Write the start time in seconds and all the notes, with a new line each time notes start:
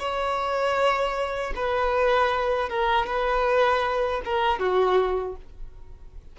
0.00 C#5
1.56 B4
2.70 A#4
3.07 B4
4.25 A#4
4.60 F#4